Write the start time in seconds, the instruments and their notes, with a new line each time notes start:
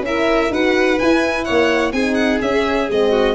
0.00 tuba C#4, horn E4, violin E5
0.07 violin A#4
0.50 tuba D#4, horn F#4, violin B4 F#5
0.99 horn E4, tuba E4, violin G#5
1.44 tuba A#3, violin C#5 F#5
1.92 tuba C4, horn D#4, violin G#4 G#5
2.14 violin F#5
2.41 tuba C#4, horn C#4, violin E5
2.90 tuba G#3, horn C4, violin D#5
3.11 violin F#4